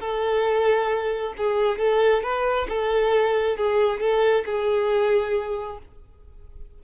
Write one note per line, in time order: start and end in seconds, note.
0.00 1.33 A4
1.37 1.78 G#4
1.78 2.23 A4
2.23 2.67 B4
2.68 3.57 A4
3.57 4.00 G#4
4.00 4.44 A4
4.45 5.78 G#4